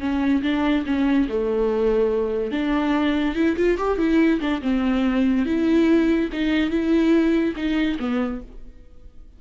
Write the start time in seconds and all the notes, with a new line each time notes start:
0.00 C#4
0.43 D4
0.86 C#4
1.29 A3
2.52 D4
3.35 E4
3.57 F4
3.78 G4
3.98 E4
4.40 D4
4.62 C4
5.46 E4
6.33 D#4
6.70 E4
7.56 D#4
7.99 B3